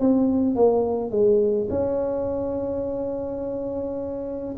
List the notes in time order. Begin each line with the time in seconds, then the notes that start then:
0.00 C4
0.56 A#3
1.11 G#3
1.70 C#4